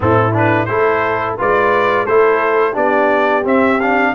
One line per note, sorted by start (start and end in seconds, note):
0.00 0.68 A2
0.00 0.31 C4
0.00 0.69 E4
0.00 0.36 A4
0.33 0.67 D4
0.33 0.65 B4
0.65 1.37 A3
0.65 1.37 E4
0.65 1.38 A4
0.65 1.34 C5
1.37 2.08 G#3
1.37 2.06 F4
1.37 2.05 B4
1.37 2.06 D5
2.05 2.76 A3
2.05 2.73 E4
2.05 2.72 A4
2.05 2.75 C5
2.72 3.45 B3
2.72 3.42 D4
2.72 4.10 G4
2.72 3.45 D5
3.44 3.79 C4
3.44 4.14 C4
3.44 3.80 E5
3.80 4.15 D4
3.80 4.14 F5